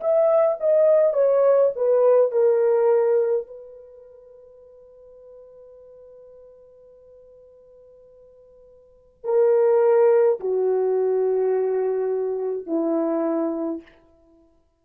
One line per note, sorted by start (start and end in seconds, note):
0.00 0.58 E5
0.60 1.13 D#5
1.13 1.70 C#5
1.76 2.31 B4
2.31 3.47 A#4
3.47 9.24 B4
9.24 10.40 A#4
10.40 12.66 F#4
12.66 13.81 E4